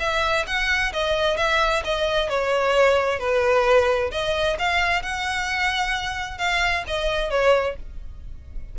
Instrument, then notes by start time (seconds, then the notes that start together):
violin
0.00 E5
0.47 F#5
0.93 D#5
1.37 E5
1.85 D#5
2.29 C#5
3.20 B4
4.12 D#5
4.59 F5
5.03 F#5
6.39 F5
6.87 D#5
7.31 C#5